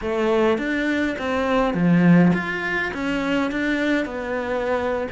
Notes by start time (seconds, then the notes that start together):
0.01 A3
0.58 D4
1.18 C4
1.73 F3
2.33 F4
2.93 C#4
3.51 D4
4.05 B3